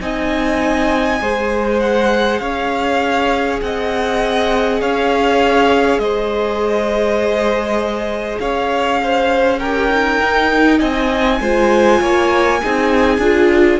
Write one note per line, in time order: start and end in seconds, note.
0.00 1.21 C4
0.00 1.20 D#4
0.00 1.22 D#5
0.00 1.80 G#5
1.21 2.40 G#3
1.21 9.61 G#4
1.21 2.41 C5
1.80 2.39 F#5
2.39 3.60 C#4
2.39 3.60 C#5
2.39 3.59 F5
3.61 4.82 C4
3.61 4.81 D#5
3.61 4.81 F#5
4.81 5.98 C#4
4.81 6.01 C#5
4.81 5.99 F5
5.98 8.38 G#3
5.98 8.40 C5
5.98 8.39 D#5
8.39 10.20 C#4
8.39 9.01 C#5
8.39 9.59 F5
9.03 9.59 C5
9.59 9.89 G4
9.59 10.79 A#4
9.59 10.79 G5
9.89 11.39 D#4
10.22 10.81 D#4
10.79 11.40 C4
10.79 11.38 D#5
10.79 13.79 G#5
11.40 12.00 G#3
11.40 12.61 F4
11.40 12.00 C5
12.00 12.61 A#3
12.00 12.60 C#5
12.62 13.18 C4
12.62 13.21 D#4
12.62 13.79 G#4
13.18 13.78 D4
13.18 13.79 F4